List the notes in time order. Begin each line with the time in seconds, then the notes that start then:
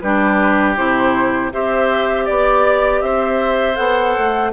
0.00 G3 D4 G4 B4
0.77 C3 E4 C5
1.53 C4 G4 C5 E5
2.25 B3 D5
3.02 C4 C5 E5
3.75 B3 A4 F#5
4.19 A3